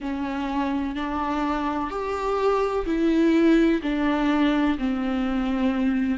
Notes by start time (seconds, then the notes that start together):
0.00 C#4
0.95 D4
1.90 G4
2.86 E4
3.82 D4
4.78 C4